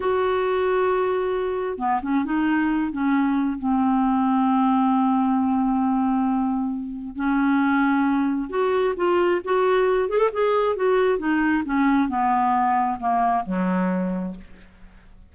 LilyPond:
\new Staff \with { instrumentName = "clarinet" } { \time 4/4 \tempo 4 = 134 fis'1 | b8 cis'8 dis'4. cis'4. | c'1~ | c'1 |
cis'2. fis'4 | f'4 fis'4. gis'16 a'16 gis'4 | fis'4 dis'4 cis'4 b4~ | b4 ais4 fis2 | }